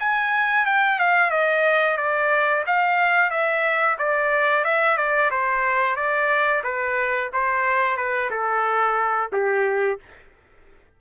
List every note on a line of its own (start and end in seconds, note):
0.00 0.66 G#5
0.66 1.00 G5
1.00 1.31 F5
1.31 1.98 D#5
1.98 2.65 D5
2.67 3.31 F5
3.31 3.97 E5
3.99 4.65 D5
4.65 4.98 E5
4.98 5.31 D5
5.31 5.96 C5
5.96 6.63 D5
6.64 7.31 B4
7.33 7.97 C5
7.97 8.30 B4
8.31 9.31 A4
9.33 10.00 G4